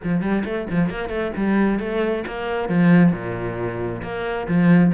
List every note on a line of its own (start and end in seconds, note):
0.03 0.21 F3
0.21 0.43 G3
0.45 0.67 A3
0.70 0.89 F3
0.89 1.09 A#3
1.09 1.31 A3
1.36 1.79 G3
1.79 2.23 A3
2.27 2.68 A#3
2.68 3.12 F3
3.12 4.02 A#2
4.02 4.47 A#3
4.48 4.93 F3